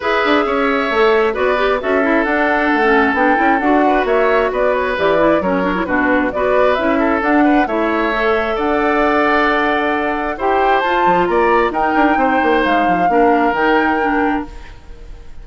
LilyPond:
<<
  \new Staff \with { instrumentName = "flute" } { \time 4/4 \tempo 4 = 133 e''2. d''4 | e''4 fis''2 g''4 | fis''4 e''4 d''8 cis''8 d''4 | cis''4 b'4 d''4 e''4 |
fis''4 e''2 fis''4~ | fis''2. g''4 | a''4 ais''4 g''2 | f''2 g''2 | }
  \new Staff \with { instrumentName = "oboe" } { \time 4/4 b'4 cis''2 b'4 | a'1~ | a'8 b'8 cis''4 b'2 | ais'4 fis'4 b'4. a'8~ |
a'8 b'8 cis''2 d''4~ | d''2. c''4~ | c''4 d''4 ais'4 c''4~ | c''4 ais'2. | }
  \new Staff \with { instrumentName = "clarinet" } { \time 4/4 gis'2 a'4 fis'8 g'8 | fis'8 e'8 d'4~ d'16 cis'8. d'8 e'8 | fis'2. g'8 e'8 | cis'8 d'16 e'16 d'4 fis'4 e'4 |
d'4 e'4 a'2~ | a'2. g'4 | f'2 dis'2~ | dis'4 d'4 dis'4 d'4 | }
  \new Staff \with { instrumentName = "bassoon" } { \time 4/4 e'8 d'8 cis'4 a4 b4 | cis'4 d'4 a4 b8 cis'8 | d'4 ais4 b4 e4 | fis4 b,4 b4 cis'4 |
d'4 a2 d'4~ | d'2. e'4 | f'8 f8 ais4 dis'8 d'8 c'8 ais8 | gis8 f8 ais4 dis2 | }
>>